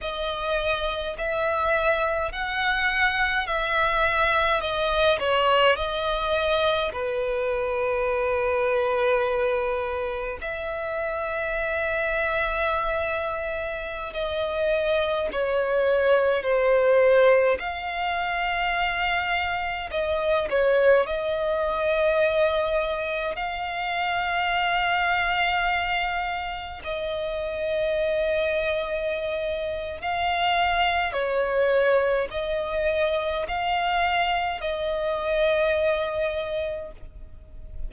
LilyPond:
\new Staff \with { instrumentName = "violin" } { \time 4/4 \tempo 4 = 52 dis''4 e''4 fis''4 e''4 | dis''8 cis''8 dis''4 b'2~ | b'4 e''2.~ | e''16 dis''4 cis''4 c''4 f''8.~ |
f''4~ f''16 dis''8 cis''8 dis''4.~ dis''16~ | dis''16 f''2. dis''8.~ | dis''2 f''4 cis''4 | dis''4 f''4 dis''2 | }